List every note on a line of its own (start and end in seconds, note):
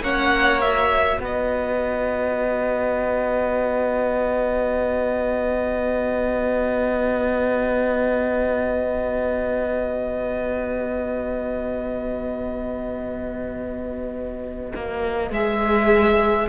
0.00 1.18 A#3
0.00 0.60 C#4
0.00 1.20 C#5
0.00 0.61 F#5
0.60 15.30 F#4
0.60 1.19 E5
1.20 14.73 B3
1.20 16.49 B4
1.20 15.33 D#5
14.75 15.30 A#3
15.30 16.48 G#3
15.30 16.49 G#4
15.30 16.49 E5